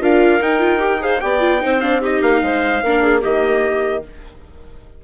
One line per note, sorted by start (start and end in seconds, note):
0.00 0.40 D4
0.00 0.40 F4
0.00 1.02 A#4
0.00 0.42 F5
0.41 1.21 D#4
0.41 0.59 D#4
0.41 1.02 G5
0.59 0.79 F4
0.79 0.99 G4
0.99 1.20 G#4
0.99 1.22 C5
0.99 1.20 F5
1.20 1.63 B3
1.20 1.40 G4
1.20 1.62 D5
1.20 1.80 G5
1.40 1.60 F4
1.60 2.22 C4
1.60 1.80 D#4
1.60 2.01 C5
1.81 2.01 D4
1.81 2.01 F5
2.01 2.82 D#4
2.01 2.41 G4
2.01 2.22 D#5
2.22 2.42 A#3
2.22 3.23 F5
2.42 2.82 G#3
2.42 2.83 C5
2.83 3.23 A#3
2.83 3.21 D4
2.83 3.02 A#4
3.02 3.21 G#4
3.21 4.04 D#3
3.21 4.02 A#3
3.21 4.02 G4
3.21 4.04 D#5